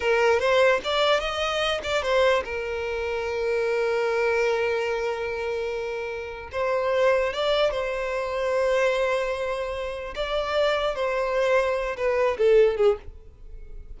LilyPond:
\new Staff \with { instrumentName = "violin" } { \time 4/4 \tempo 4 = 148 ais'4 c''4 d''4 dis''4~ | dis''8 d''8 c''4 ais'2~ | ais'1~ | ais'1 |
c''2 d''4 c''4~ | c''1~ | c''4 d''2 c''4~ | c''4. b'4 a'4 gis'8 | }